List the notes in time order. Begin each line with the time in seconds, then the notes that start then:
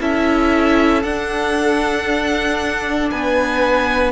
0.00 C#4 E4 A4 E5
1.02 D4 F#5
3.10 B3 B4 G#5